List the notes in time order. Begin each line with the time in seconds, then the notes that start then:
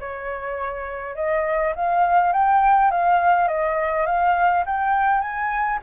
0.00 C#5
1.15 D#5
1.75 F5
2.33 G5
2.91 F5
3.48 D#5
4.06 F5
4.66 G5
5.21 G#5